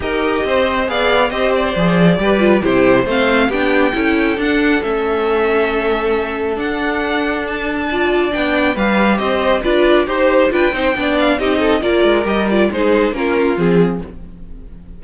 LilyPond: <<
  \new Staff \with { instrumentName = "violin" } { \time 4/4 \tempo 4 = 137 dis''2 f''4 dis''8 d''8~ | d''2 c''4 f''4 | g''2 fis''4 e''4~ | e''2. fis''4~ |
fis''4 a''2 g''4 | f''4 dis''4 d''4 c''4 | g''4. f''8 dis''4 d''4 | dis''8 d''8 c''4 ais'4 gis'4 | }
  \new Staff \with { instrumentName = "violin" } { \time 4/4 ais'4 c''4 d''4 c''4~ | c''4 b'4 g'4 c''4 | g'4 a'2.~ | a'1~ |
a'2 d''2 | b'4 c''4 b'4 c''4 | b'8 c''8 d''4 g'8 a'8 ais'4~ | ais'4 gis'4 f'2 | }
  \new Staff \with { instrumentName = "viola" } { \time 4/4 g'2 gis'4 g'4 | gis'4 g'8 f'8 e'4 c'4 | d'4 e'4 d'4 cis'4~ | cis'2. d'4~ |
d'2 f'4 d'4 | g'2 f'4 g'4 | f'8 dis'8 d'4 dis'4 f'4 | g'8 f'8 dis'4 cis'4 c'4 | }
  \new Staff \with { instrumentName = "cello" } { \time 4/4 dis'4 c'4 b4 c'4 | f4 g4 c4 a4 | b4 cis'4 d'4 a4~ | a2. d'4~ |
d'2. b4 | g4 c'4 d'4 dis'4 | d'8 c'8 b4 c'4 ais8 gis8 | g4 gis4 ais4 f4 | }
>>